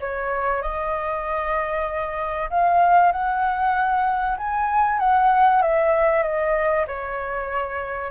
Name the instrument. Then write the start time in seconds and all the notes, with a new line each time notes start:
flute
0.00 C#5
0.62 D#5
2.50 F5
3.12 F#5
4.38 G#5
4.99 F#5
5.62 E5
6.23 D#5
6.87 C#5